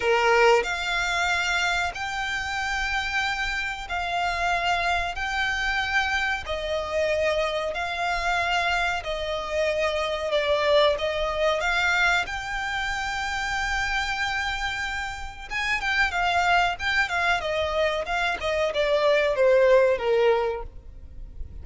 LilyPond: \new Staff \with { instrumentName = "violin" } { \time 4/4 \tempo 4 = 93 ais'4 f''2 g''4~ | g''2 f''2 | g''2 dis''2 | f''2 dis''2 |
d''4 dis''4 f''4 g''4~ | g''1 | gis''8 g''8 f''4 g''8 f''8 dis''4 | f''8 dis''8 d''4 c''4 ais'4 | }